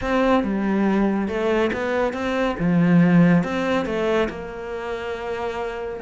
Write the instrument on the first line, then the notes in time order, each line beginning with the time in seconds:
cello
0.01 C4
0.43 G3
1.28 A3
1.72 B3
2.13 C4
2.59 F3
3.43 C4
3.85 A3
4.29 A#3